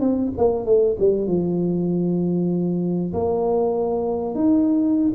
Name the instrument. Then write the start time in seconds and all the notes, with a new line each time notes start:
tuba
0.00 C4
0.37 A#3
0.66 A3
0.99 G3
1.27 F3
3.13 A#3
4.35 D#4